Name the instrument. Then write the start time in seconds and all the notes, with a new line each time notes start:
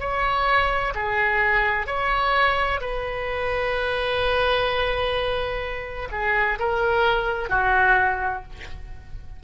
oboe
0.00 C#5
0.95 G#4
1.87 C#5
2.81 B4
6.12 G#4
6.59 A#4
7.50 F#4